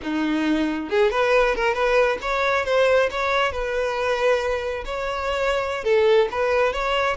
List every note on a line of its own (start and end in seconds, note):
0.03 0.89 D#4
0.89 1.10 G#4
1.10 1.55 B4
1.55 1.74 A#4
1.74 2.18 B4
2.21 2.65 C#5
2.65 3.09 C5
3.10 3.52 C#5
3.52 4.84 B4
4.85 5.84 C#5
5.84 6.28 A4
6.31 6.72 B4
6.72 7.17 C#5